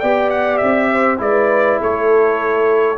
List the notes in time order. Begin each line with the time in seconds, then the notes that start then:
0.00 B3 G4 D5 G5
0.30 F#5
0.57 C4 E5
0.92 C5
1.18 G#3 E4 B4 D5
1.80 A3 A4 C#5